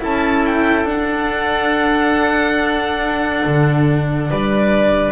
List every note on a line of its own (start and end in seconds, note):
0.00 0.86 C#4
0.00 0.85 E4
0.00 4.30 A4
0.00 0.46 A5
0.46 0.89 G5
0.85 5.12 D4
0.85 3.43 D4
0.85 4.31 F#5
3.45 4.31 D3
4.30 5.12 G3
4.30 5.12 B4
4.30 5.12 D5